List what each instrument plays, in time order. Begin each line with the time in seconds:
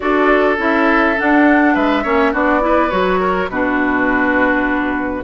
0.00 bassoon D4, clarinet F#4, oboe A4, flute D5
0.58 bassoon C#4, clarinet E4, flute E5
1.17 clarinet D4, bassoon D4, flute F#5
1.74 bassoon G#3, oboe B4, flute E5
2.03 bassoon A#3, clarinet C#4, oboe C#5
2.31 bassoon B3, clarinet D4, oboe F#4, flute D5
2.60 clarinet E4, oboe B4
2.90 bassoon F#3, clarinet F#4, flute C#5
3.20 oboe A#4
3.48 bassoon B2, clarinet D4, oboe F#4, flute B4